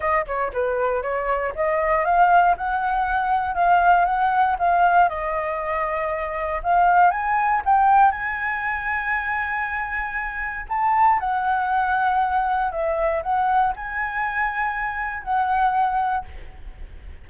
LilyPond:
\new Staff \with { instrumentName = "flute" } { \time 4/4 \tempo 4 = 118 dis''8 cis''8 b'4 cis''4 dis''4 | f''4 fis''2 f''4 | fis''4 f''4 dis''2~ | dis''4 f''4 gis''4 g''4 |
gis''1~ | gis''4 a''4 fis''2~ | fis''4 e''4 fis''4 gis''4~ | gis''2 fis''2 | }